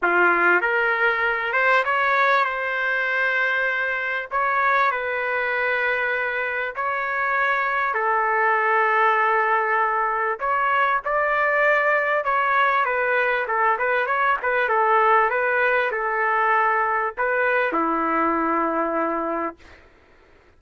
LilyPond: \new Staff \with { instrumentName = "trumpet" } { \time 4/4 \tempo 4 = 98 f'4 ais'4. c''8 cis''4 | c''2. cis''4 | b'2. cis''4~ | cis''4 a'2.~ |
a'4 cis''4 d''2 | cis''4 b'4 a'8 b'8 cis''8 b'8 | a'4 b'4 a'2 | b'4 e'2. | }